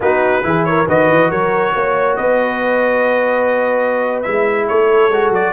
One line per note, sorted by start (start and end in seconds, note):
0.00 0.43 B3
0.00 0.43 D#4
0.00 0.45 F#4
0.00 0.65 B4
0.43 0.87 E3
0.43 0.86 E4
0.43 0.68 G#4
0.65 0.87 A#4
0.65 0.86 C#5
0.87 1.09 D#3
0.87 4.24 F#4
0.87 1.30 B4
0.87 1.30 D#5
1.09 1.30 E3
1.30 1.74 F#3
1.30 1.73 A#4
1.30 2.16 C#5
1.74 2.18 A#3
1.74 2.17 C#5
2.16 4.25 B3
2.16 4.67 B4
2.16 4.22 D#5
4.22 4.70 G#3
4.22 5.11 E4
4.22 4.66 E5
4.68 5.09 A3
4.68 5.53 A4
4.68 5.33 C#5
5.09 5.29 G#3
5.09 5.53 F#4
5.29 5.51 F#3
5.29 5.53 D5